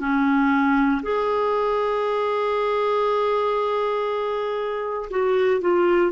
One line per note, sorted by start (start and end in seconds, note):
0.00 1.02 C#4
1.03 5.10 G#4
5.11 5.62 F#4
5.62 6.12 F4